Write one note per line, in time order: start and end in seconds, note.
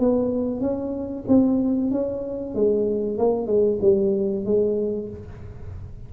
0.00 0.61 B3
0.61 1.25 C#4
1.28 1.91 C4
1.91 2.55 C#4
2.55 3.18 G#3
3.18 3.47 A#3
3.47 3.79 G#3
3.82 4.45 G3
4.45 5.09 G#3